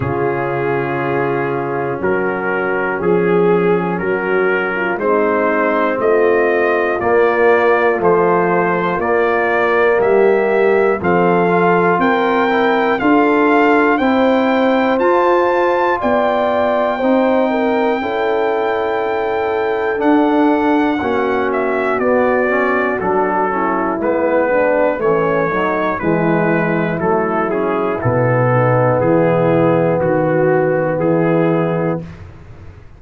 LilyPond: <<
  \new Staff \with { instrumentName = "trumpet" } { \time 4/4 \tempo 4 = 60 gis'2 ais'4 gis'4 | ais'4 c''4 dis''4 d''4 | c''4 d''4 e''4 f''4 | g''4 f''4 g''4 a''4 |
g''1 | fis''4. e''8 d''4 a'4 | b'4 cis''4 b'4 a'8 gis'8 | a'4 gis'4 fis'4 gis'4 | }
  \new Staff \with { instrumentName = "horn" } { \time 4/4 f'2 fis'4 gis'4 | fis'8. f'16 dis'4 f'2~ | f'2 g'4 a'4 | ais'4 a'4 c''2 |
d''4 c''8 ais'8 a'2~ | a'4 fis'2~ fis'8 e'8~ | e'8 d'8 cis'8 dis'8 e'2~ | e'8 dis'8 e'4 fis'4 e'4 | }
  \new Staff \with { instrumentName = "trombone" } { \time 4/4 cis'1~ | cis'4 c'2 ais4 | f4 ais2 c'8 f'8~ | f'8 e'8 f'4 e'4 f'4~ |
f'4 dis'4 e'2 | d'4 cis'4 b8 cis'8 d'8 cis'8 | b4 e8 fis8 gis4 a8 cis'8 | b1 | }
  \new Staff \with { instrumentName = "tuba" } { \time 4/4 cis2 fis4 f4 | fis4 gis4 a4 ais4 | a4 ais4 g4 f4 | c'4 d'4 c'4 f'4 |
b4 c'4 cis'2 | d'4 ais4 b4 fis4 | gis4 a4 e4 fis4 | b,4 e4 dis4 e4 | }
>>